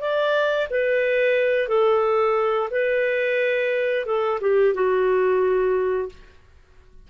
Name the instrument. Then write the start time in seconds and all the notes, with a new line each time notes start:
clarinet
0.00 D5
0.70 B4
1.68 A4
2.70 B4
4.05 A4
4.40 G4
4.74 F#4